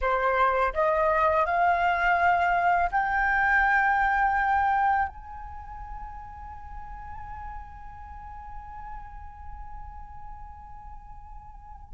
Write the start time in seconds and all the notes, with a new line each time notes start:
0.01 C5
0.73 D#5
1.45 F5
2.91 G5
5.08 G#5